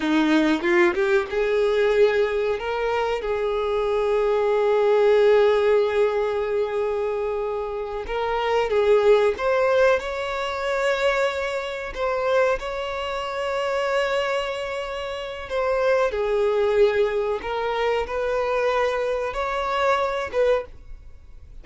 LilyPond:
\new Staff \with { instrumentName = "violin" } { \time 4/4 \tempo 4 = 93 dis'4 f'8 g'8 gis'2 | ais'4 gis'2.~ | gis'1~ | gis'8 ais'4 gis'4 c''4 cis''8~ |
cis''2~ cis''8 c''4 cis''8~ | cis''1 | c''4 gis'2 ais'4 | b'2 cis''4. b'8 | }